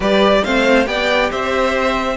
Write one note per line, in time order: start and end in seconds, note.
0.00 0.41 G3
0.00 0.43 G4
0.00 0.42 B4
0.00 0.44 D5
0.44 0.86 A3
0.44 0.85 C4
0.44 0.87 C5
0.44 0.87 F5
0.85 1.30 B3
0.85 2.15 G4
0.85 1.30 D5
0.85 1.30 G5
1.30 2.16 C4
1.30 2.16 C5
1.30 2.16 E5